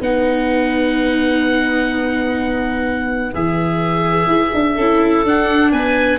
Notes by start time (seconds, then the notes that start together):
0.00 B3 D#4 B4 F#5
3.34 E3 G#4 E5
4.27 E4
4.54 D4
4.75 C#4 E4 A4
5.25 D4 F#5
5.72 B3 B4 G#5